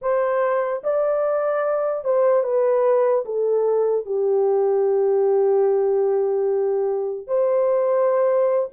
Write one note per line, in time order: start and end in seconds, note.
0.01 0.82 C5
0.83 2.04 D5
2.04 2.43 C5
2.43 3.24 B4
3.25 4.05 A4
4.05 7.27 G4
7.27 8.69 C5